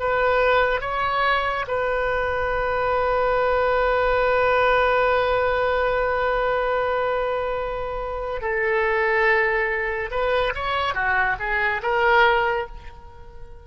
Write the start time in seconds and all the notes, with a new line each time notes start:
0.00 B4
0.81 C#5
1.68 B4
8.42 A4
10.11 B4
10.55 C#5
10.94 F#4
11.40 G#4
11.83 A#4